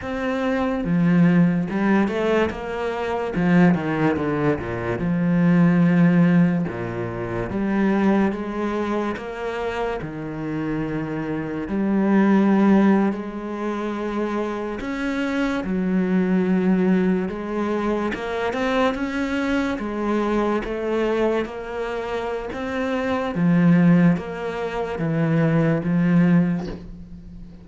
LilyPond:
\new Staff \with { instrumentName = "cello" } { \time 4/4 \tempo 4 = 72 c'4 f4 g8 a8 ais4 | f8 dis8 d8 ais,8 f2 | ais,4 g4 gis4 ais4 | dis2 g4.~ g16 gis16~ |
gis4.~ gis16 cis'4 fis4~ fis16~ | fis8. gis4 ais8 c'8 cis'4 gis16~ | gis8. a4 ais4~ ais16 c'4 | f4 ais4 e4 f4 | }